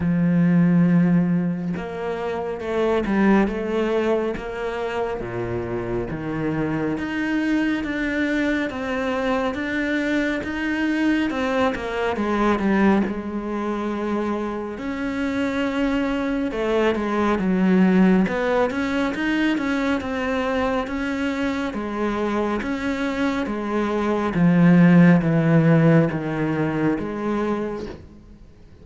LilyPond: \new Staff \with { instrumentName = "cello" } { \time 4/4 \tempo 4 = 69 f2 ais4 a8 g8 | a4 ais4 ais,4 dis4 | dis'4 d'4 c'4 d'4 | dis'4 c'8 ais8 gis8 g8 gis4~ |
gis4 cis'2 a8 gis8 | fis4 b8 cis'8 dis'8 cis'8 c'4 | cis'4 gis4 cis'4 gis4 | f4 e4 dis4 gis4 | }